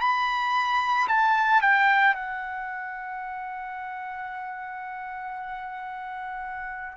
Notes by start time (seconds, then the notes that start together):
0.00 B5
1.08 A5
1.62 G5
2.14 F#5